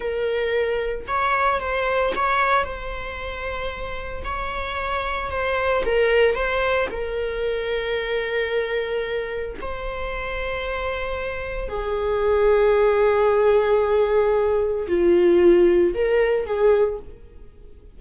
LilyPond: \new Staff \with { instrumentName = "viola" } { \time 4/4 \tempo 4 = 113 ais'2 cis''4 c''4 | cis''4 c''2. | cis''2 c''4 ais'4 | c''4 ais'2.~ |
ais'2 c''2~ | c''2 gis'2~ | gis'1 | f'2 ais'4 gis'4 | }